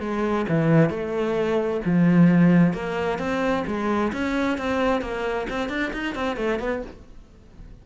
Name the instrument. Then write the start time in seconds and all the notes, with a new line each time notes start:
cello
0.00 G#3
0.49 E3
0.90 A3
1.85 F3
2.73 A#3
3.18 C4
3.67 G#3
4.12 C#4
4.58 C4
5.01 A#3
5.49 C4
5.69 D4
5.93 D#4
6.15 C4
6.37 A3
6.59 B3